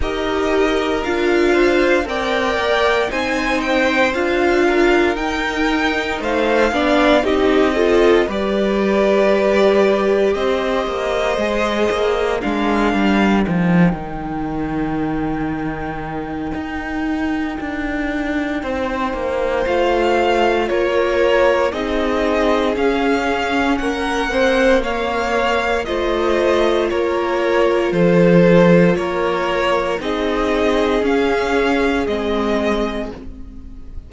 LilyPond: <<
  \new Staff \with { instrumentName = "violin" } { \time 4/4 \tempo 4 = 58 dis''4 f''4 g''4 gis''8 g''8 | f''4 g''4 f''4 dis''4 | d''2 dis''2 | f''4 g''2.~ |
g''2. f''4 | cis''4 dis''4 f''4 fis''4 | f''4 dis''4 cis''4 c''4 | cis''4 dis''4 f''4 dis''4 | }
  \new Staff \with { instrumentName = "violin" } { \time 4/4 ais'4. c''8 d''4 c''4~ | c''8 ais'4. c''8 d''8 g'8 a'8 | b'2 c''2 | ais'1~ |
ais'2 c''2 | ais'4 gis'2 ais'8 c''8 | cis''4 c''4 ais'4 a'4 | ais'4 gis'2. | }
  \new Staff \with { instrumentName = "viola" } { \time 4/4 g'4 f'4 ais'4 dis'4 | f'4 dis'4. d'8 dis'8 f'8 | g'2. gis'4 | d'4 dis'2.~ |
dis'2. f'4~ | f'4 dis'4 cis'4. c'8 | ais4 f'2.~ | f'4 dis'4 cis'4 c'4 | }
  \new Staff \with { instrumentName = "cello" } { \time 4/4 dis'4 d'4 c'8 ais8 c'4 | d'4 dis'4 a8 b8 c'4 | g2 c'8 ais8 gis8 ais8 | gis8 g8 f8 dis2~ dis8 |
dis'4 d'4 c'8 ais8 a4 | ais4 c'4 cis'4 ais4~ | ais4 a4 ais4 f4 | ais4 c'4 cis'4 gis4 | }
>>